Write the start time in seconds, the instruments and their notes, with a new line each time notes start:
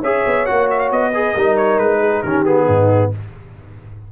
0.00 tuba C#4, trombone G#4, horn C#5, trumpet E5
0.26 tuba B3
0.46 tuba A#3, trombone F#4, trumpet F#5
0.70 trumpet E5
0.79 trumpet F5
0.91 tuba B3, trumpet D#5
1.14 trombone G#4, horn B4
1.34 tuba G3, trombone D#4, horn A#4
1.57 trumpet C#5
1.78 tuba G#3, trumpet B4
2.00 horn G#4
2.22 tuba D#3, trombone C#4, horn G4, trumpet A#4
2.45 trombone B3, trumpet G#4
2.66 tuba G#2, horn D#4